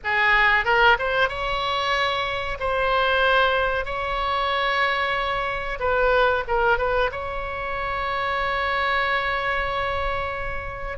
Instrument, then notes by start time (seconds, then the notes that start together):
oboe
0.04 G#4
0.65 A#4
0.99 C5
1.28 C#5
2.59 C5
3.85 C#5
5.79 B4
6.47 A#4
6.78 B4
7.11 C#5